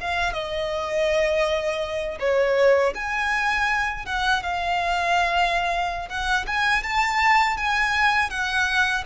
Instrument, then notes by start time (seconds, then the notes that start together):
violin
0.00 F5
0.33 D#5
2.20 C#5
2.95 G#5
4.06 F#5
4.43 F5
6.09 F#5
6.47 G#5
6.83 A5
7.57 G#5
8.30 F#5